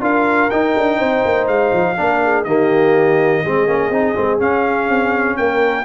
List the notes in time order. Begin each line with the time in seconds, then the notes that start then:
0.00 D4 F4 A#4 F5
0.49 D#4 G5
0.76 D4
0.97 C4 C5
1.25 A#3
1.47 G#3 F5
1.72 F3
1.96 A#3 D4 A#4
2.23 G#4
2.44 D#3 A#3 G4 D#5
3.42 G#3 C4 G#4
3.67 A#3 C#4
3.89 C4 D#4
4.15 G#3 C4
4.39 C#4 F5
4.89 C4
5.36 A#3 A#4 G5